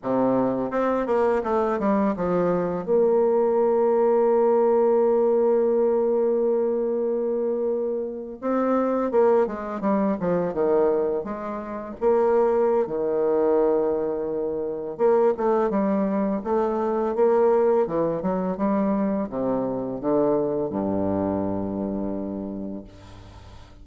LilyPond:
\new Staff \with { instrumentName = "bassoon" } { \time 4/4 \tempo 4 = 84 c4 c'8 ais8 a8 g8 f4 | ais1~ | ais2.~ ais8. c'16~ | c'8. ais8 gis8 g8 f8 dis4 gis16~ |
gis8. ais4~ ais16 dis2~ | dis4 ais8 a8 g4 a4 | ais4 e8 fis8 g4 c4 | d4 g,2. | }